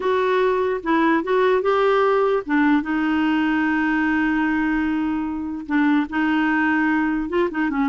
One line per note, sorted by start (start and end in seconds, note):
0.00 0.81 F#4
0.83 1.23 E4
1.23 1.62 F#4
1.62 2.43 G4
2.45 2.82 D4
2.82 5.66 D#4
5.66 6.06 D4
6.09 7.29 D#4
7.29 7.49 F4
7.50 7.70 D#4
7.70 7.89 C#4